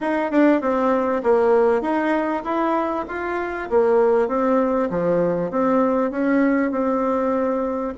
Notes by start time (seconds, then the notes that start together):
0.00 D#4
0.31 D4
0.61 C4
1.23 A#3
1.81 D#4
2.44 E4
3.08 F4
3.69 A#3
4.27 C4
4.90 F3
5.50 C4
6.10 C#4
6.71 C4